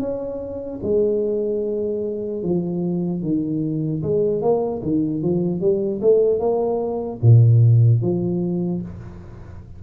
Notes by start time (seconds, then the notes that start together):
0.00 C#4
0.83 G#3
2.43 F3
3.22 D#3
4.03 G#3
4.42 A#3
4.82 D#3
5.22 F3
5.61 G3
6.01 A3
6.39 A#3
7.22 A#2
8.02 F3